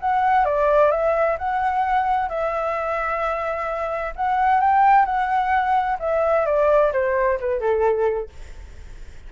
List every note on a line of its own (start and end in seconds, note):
0.00 0.44 F#5
0.44 0.90 D5
0.90 1.37 E5
1.38 2.28 F#5
2.28 4.13 E5
4.16 4.60 F#5
4.60 5.05 G5
5.05 5.97 F#5
5.99 6.45 E5
6.46 6.92 D5
6.92 7.38 C5
7.40 7.60 B4
7.60 8.29 A4